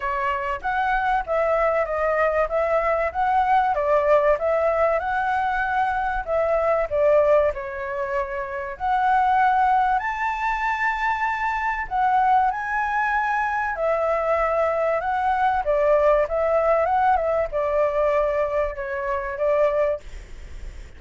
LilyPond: \new Staff \with { instrumentName = "flute" } { \time 4/4 \tempo 4 = 96 cis''4 fis''4 e''4 dis''4 | e''4 fis''4 d''4 e''4 | fis''2 e''4 d''4 | cis''2 fis''2 |
a''2. fis''4 | gis''2 e''2 | fis''4 d''4 e''4 fis''8 e''8 | d''2 cis''4 d''4 | }